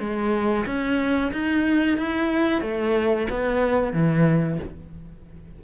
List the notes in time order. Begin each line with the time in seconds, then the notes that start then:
0.00 G#3
0.66 C#4
1.32 D#4
1.98 E4
2.62 A3
3.30 B3
3.93 E3